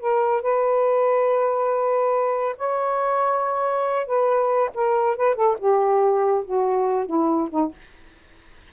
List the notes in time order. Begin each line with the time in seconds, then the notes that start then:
0.00 A#4
0.42 B4
2.58 C#5
4.07 B4
4.75 A#4
5.17 B4
5.36 A4
5.59 G4
6.45 F#4
7.06 E4
7.51 D#4